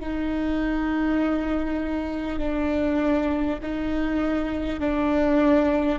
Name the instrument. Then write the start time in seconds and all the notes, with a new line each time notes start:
viola
0.00 D#4
2.39 D4
3.63 D#4
4.81 D4